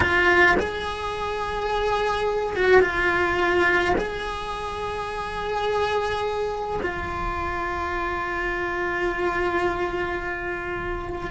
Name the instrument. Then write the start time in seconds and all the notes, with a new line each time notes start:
cello
0.00 F4
0.59 G#4
2.55 F#4
2.81 F4
3.97 G#4
6.82 F4